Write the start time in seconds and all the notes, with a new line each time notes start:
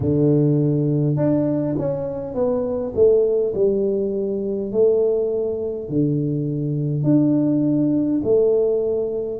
0.00 D3
1.16 D4
1.78 C#4
2.34 B3
2.95 A3
3.54 G3
4.72 A3
5.88 D3
7.03 D4
8.23 A3